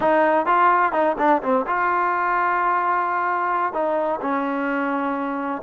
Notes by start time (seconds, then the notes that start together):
0.00 D#4
0.46 F4
0.92 D#4
1.18 D4
1.42 C4
1.66 F4
3.73 D#4
4.21 C#4